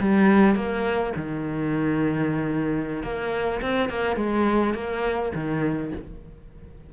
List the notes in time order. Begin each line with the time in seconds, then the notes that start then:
0.00 G3
0.55 A#3
1.16 D#3
3.03 A#3
3.61 C4
3.89 A#3
4.16 G#3
4.74 A#3
5.34 D#3